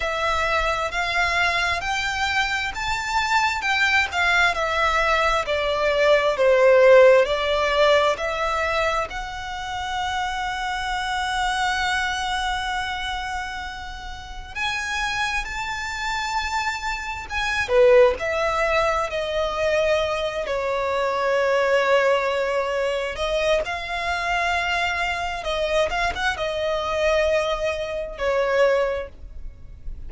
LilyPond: \new Staff \with { instrumentName = "violin" } { \time 4/4 \tempo 4 = 66 e''4 f''4 g''4 a''4 | g''8 f''8 e''4 d''4 c''4 | d''4 e''4 fis''2~ | fis''1 |
gis''4 a''2 gis''8 b'8 | e''4 dis''4. cis''4.~ | cis''4. dis''8 f''2 | dis''8 f''16 fis''16 dis''2 cis''4 | }